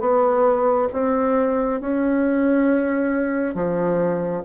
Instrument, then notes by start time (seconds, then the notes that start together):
bassoon
0.00 B3
0.92 C4
1.80 C#4
3.54 F3